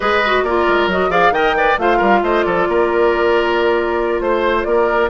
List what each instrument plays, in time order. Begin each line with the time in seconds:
0.00 bassoon G#3, clarinet G#4, oboe B4, flute D#5
0.25 clarinet F#4
0.42 bassoon A#3, clarinet F4, oboe A#4, flute D5
0.68 bassoon G#3
0.87 bassoon F#3, clarinet F#4, flute D#5
1.09 bassoon F3, clarinet G#4, oboe D5, flute F5
1.30 bassoon D#3, clarinet A#4, oboe D#5, flute G5
1.56 clarinet B4, oboe D5
1.78 bassoon A3, clarinet F4, oboe C5, flute F5
1.97 bassoon G3, oboe A#4
2.22 bassoon A3, oboe C5, flute D#5
2.43 bassoon F3, oboe A4, flute D5
2.67 bassoon A#3, oboe A#4
4.20 bassoon A3, flute C5, oboe C5
4.63 bassoon A#3, oboe A#4, flute D5